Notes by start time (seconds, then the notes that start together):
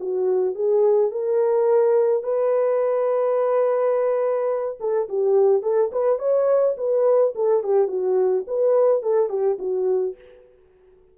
0.00 F#4
0.55 G#4
1.11 A#4
2.23 B4
4.80 A4
5.09 G4
5.63 A4
5.92 B4
6.19 C#5
6.77 B4
7.35 A4
7.63 G4
7.88 F#4
8.47 B4
9.03 A4
9.29 G4
9.59 F#4